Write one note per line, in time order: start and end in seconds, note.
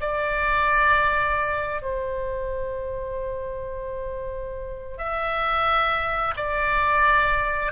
0.00 1.82 D5
1.82 4.98 C5
4.98 6.34 E5
6.36 7.72 D5